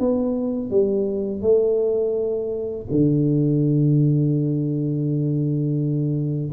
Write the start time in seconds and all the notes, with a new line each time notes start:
0.00 B3
0.71 G3
1.42 A3
2.91 D3